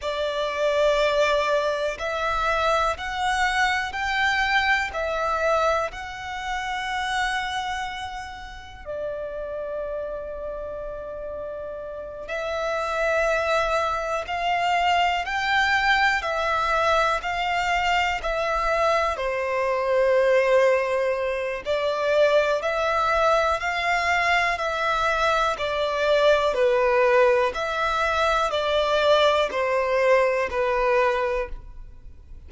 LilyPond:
\new Staff \with { instrumentName = "violin" } { \time 4/4 \tempo 4 = 61 d''2 e''4 fis''4 | g''4 e''4 fis''2~ | fis''4 d''2.~ | d''8 e''2 f''4 g''8~ |
g''8 e''4 f''4 e''4 c''8~ | c''2 d''4 e''4 | f''4 e''4 d''4 b'4 | e''4 d''4 c''4 b'4 | }